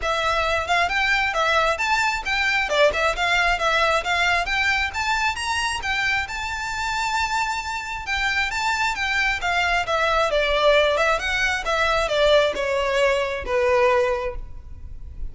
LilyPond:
\new Staff \with { instrumentName = "violin" } { \time 4/4 \tempo 4 = 134 e''4. f''8 g''4 e''4 | a''4 g''4 d''8 e''8 f''4 | e''4 f''4 g''4 a''4 | ais''4 g''4 a''2~ |
a''2 g''4 a''4 | g''4 f''4 e''4 d''4~ | d''8 e''8 fis''4 e''4 d''4 | cis''2 b'2 | }